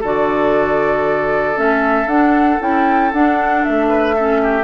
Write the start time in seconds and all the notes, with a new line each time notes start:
0.00 D3 F#4 A4 D5
1.55 A3 C#4 E5
2.06 D4 F#5
2.60 C#4 E4 G5
3.12 D4 F#5
3.64 A3 E5
3.89 B4
4.15 C#4 A4
4.42 G4